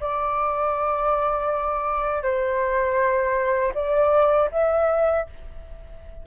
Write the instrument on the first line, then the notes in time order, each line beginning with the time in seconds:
flute
0.00 D5
2.22 C5
3.74 D5
4.51 E5